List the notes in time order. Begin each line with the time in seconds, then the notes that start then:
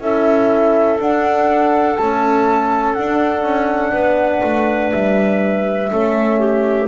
0.00 C#4 E4 A4 E5
0.98 D4 F#5
1.97 A3 C#4 A5
2.93 D4 F#5
3.42 C#4
3.92 B3 B4
4.43 A3
4.92 G3 E5
5.90 A3 C#4 A4
6.39 G4